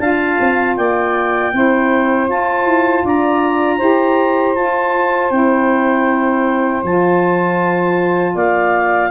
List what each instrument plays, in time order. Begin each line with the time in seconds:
0.00 tuba D4, saxophone F4 F5, clarinet A5
0.40 tuba C4
0.77 tuba A#3, saxophone D5, clarinet G5
1.53 tuba C4, saxophone E4 C5
2.28 saxophone F4, tuba F4, clarinet A5
2.66 tuba E4
3.04 tuba D4, saxophone D5, clarinet A#5
3.77 tuba E4, saxophone G4 C5
4.56 tuba F4, saxophone F4, clarinet A5
5.31 tuba C4, saxophone E4, clarinet G5
6.84 tuba F3, saxophone F4, clarinet A5
8.34 tuba A#3, saxophone D5, clarinet F5